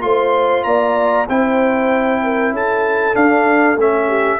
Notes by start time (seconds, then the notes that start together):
0.00 A3 F4 C5 C6
0.63 A#3 D5 A#5
1.28 C4 E4 C5 G5
2.23 A#4
2.51 C#4 A4 A5
3.14 D4 F5
3.76 A3 C#4 E5
4.07 G4